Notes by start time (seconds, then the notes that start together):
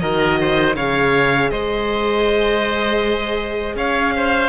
0.00 D#3 F#4 A#4 D#5
0.40 C5
0.75 C#3 G#4 C#5 F5
1.50 G#3 C5 D#5
3.75 C#4 C#5 F5
4.16 C5